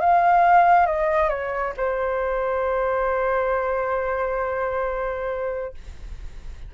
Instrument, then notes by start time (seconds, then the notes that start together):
flute
0.00 F5
0.86 D#5
1.29 C#5
1.77 C5